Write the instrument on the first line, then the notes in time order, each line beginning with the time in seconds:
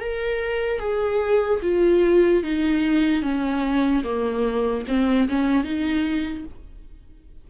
viola
0.00 A#4
0.80 G#4
1.63 F4
2.44 D#4
3.22 C#4
4.04 A#3
4.88 C4
5.29 C#4
5.64 D#4